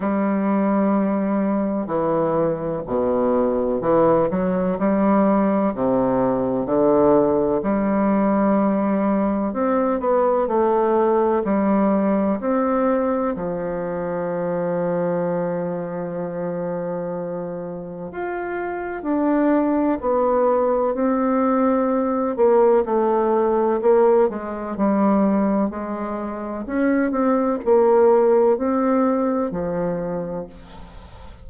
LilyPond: \new Staff \with { instrumentName = "bassoon" } { \time 4/4 \tempo 4 = 63 g2 e4 b,4 | e8 fis8 g4 c4 d4 | g2 c'8 b8 a4 | g4 c'4 f2~ |
f2. f'4 | d'4 b4 c'4. ais8 | a4 ais8 gis8 g4 gis4 | cis'8 c'8 ais4 c'4 f4 | }